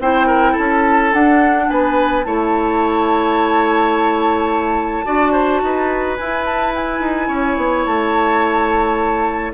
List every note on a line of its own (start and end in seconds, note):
0.00 0.56 C4
0.00 1.13 E4
0.00 0.27 C5
0.00 0.57 G5
0.27 0.52 A#4
0.52 1.64 A4
0.52 1.14 A5
0.59 1.13 C#4
1.13 2.24 D4
1.13 1.69 D4
1.13 1.69 F#5
1.69 2.25 B3
1.69 2.26 B4
1.69 2.24 G#5
2.24 5.06 A3
2.24 5.05 E4
2.24 5.06 C#5
2.24 6.17 A5
5.05 5.62 D4
5.05 6.17 F#4
5.05 5.32 D5
5.32 5.60 C5
5.62 6.18 D#4
5.62 7.28 B4
6.17 7.00 E4
6.17 9.54 E4
6.17 6.45 G#5
6.45 6.73 A5
6.75 7.86 G#5
7.00 7.28 D#4
7.28 7.57 C#4
7.28 9.52 C#5
7.57 7.85 B3
7.86 9.54 A3
7.86 9.54 A5